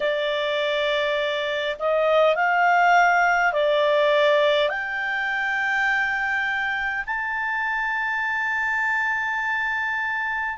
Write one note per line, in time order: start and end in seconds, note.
0.00 1.76 D5
1.79 2.35 D#5
2.35 3.52 F5
3.52 4.69 D5
4.69 7.04 G5
7.06 10.57 A5